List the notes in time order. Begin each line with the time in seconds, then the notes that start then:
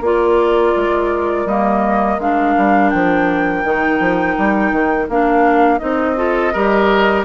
0.00 A#3 F4 A#4 D5
0.76 G#3
1.45 G3 A#3 D#5
2.18 G#3 D4 F5
2.57 G3
2.89 F3 G5
3.63 D#3 D#4
3.99 F3
4.37 G3
4.72 D#3
5.08 A#3 D4 F5
5.78 C4 D#4 D#5
6.16 F4 A4
6.53 G3 G4 A#4